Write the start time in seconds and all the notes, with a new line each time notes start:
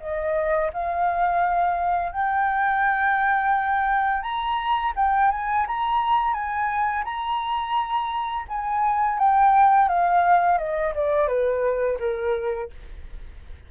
0.00 D#5
0.73 F5
2.12 G5
4.22 A#5
4.96 G5
5.31 G#5
5.67 A#5
6.34 G#5
7.05 A#5
8.49 G#5
9.19 G5
9.89 F5
10.58 D#5
10.95 D5
11.27 B4
11.99 A#4